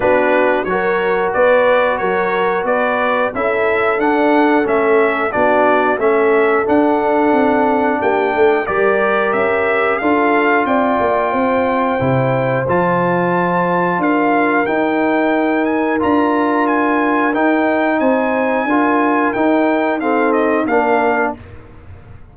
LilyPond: <<
  \new Staff \with { instrumentName = "trumpet" } { \time 4/4 \tempo 4 = 90 b'4 cis''4 d''4 cis''4 | d''4 e''4 fis''4 e''4 | d''4 e''4 fis''2 | g''4 d''4 e''4 f''4 |
g''2. a''4~ | a''4 f''4 g''4. gis''8 | ais''4 gis''4 g''4 gis''4~ | gis''4 g''4 f''8 dis''8 f''4 | }
  \new Staff \with { instrumentName = "horn" } { \time 4/4 fis'4 ais'4 b'4 ais'4 | b'4 a'2. | fis'4 a'2. | g'8 a'8 ais'2 a'4 |
d''4 c''2.~ | c''4 ais'2.~ | ais'2. c''4 | ais'2 a'4 ais'4 | }
  \new Staff \with { instrumentName = "trombone" } { \time 4/4 d'4 fis'2.~ | fis'4 e'4 d'4 cis'4 | d'4 cis'4 d'2~ | d'4 g'2 f'4~ |
f'2 e'4 f'4~ | f'2 dis'2 | f'2 dis'2 | f'4 dis'4 c'4 d'4 | }
  \new Staff \with { instrumentName = "tuba" } { \time 4/4 b4 fis4 b4 fis4 | b4 cis'4 d'4 a4 | b4 a4 d'4 c'4 | ais8 a8 g4 cis'4 d'4 |
c'8 ais8 c'4 c4 f4~ | f4 d'4 dis'2 | d'2 dis'4 c'4 | d'4 dis'2 ais4 | }
>>